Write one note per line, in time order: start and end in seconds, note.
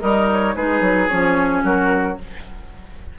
0.00 0.55 G3
0.00 0.55 D#4
0.00 0.54 A#4
0.00 0.27 D#5
0.32 0.55 C#5
0.55 0.80 G#3
0.55 1.09 D#4
0.55 1.64 G#4
0.55 1.08 B4
0.80 1.07 F#3
1.08 1.63 F3
1.08 2.17 C#4
1.08 1.62 C#5
1.63 2.17 F#3
1.63 2.18 F#4
1.63 2.18 A#4